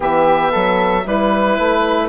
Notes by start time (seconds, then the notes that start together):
0.00 E3 B3 G4 E5
0.51 F#3 A4
1.04 G3 E4 B4
1.58 A3